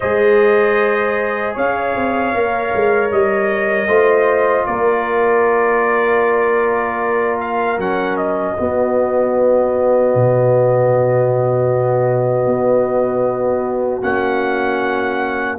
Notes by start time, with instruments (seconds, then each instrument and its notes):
0.00 tuba G#3, trombone G#4, horn C5, trumpet D#5
1.54 tuba C#4, horn C#5, trumpet F5
1.95 tuba C4
2.34 tuba A#3, trombone A#4
2.74 tuba G#3
3.11 tuba G3, trumpet D#5
3.88 tuba A3, trombone F4, horn C5
4.65 tuba A#3, horn A#4, trumpet D5
7.40 trumpet F5
7.77 tuba F#3, trombone C#4, trumpet F#5
8.16 trumpet D#5
8.57 trombone B3, tuba B3, horn F#4
10.14 tuba B2
12.46 tuba B3
14.02 tuba A#3, trombone C#4, trumpet F#5